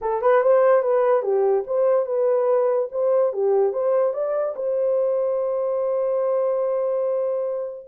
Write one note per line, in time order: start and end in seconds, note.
0.01 0.21 A4
0.21 0.42 B4
0.42 0.82 C5
0.82 1.22 B4
1.22 1.63 G4
1.66 2.06 C5
2.06 2.89 B4
2.91 3.32 C5
3.32 3.72 G4
3.72 4.13 C5
4.13 4.54 D5
4.56 7.87 C5